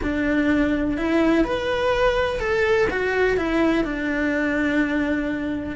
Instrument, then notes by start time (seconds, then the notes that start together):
cello
0.02 D4
0.97 E4
1.44 B4
2.39 A4
2.90 F#4
3.37 E4
3.84 D4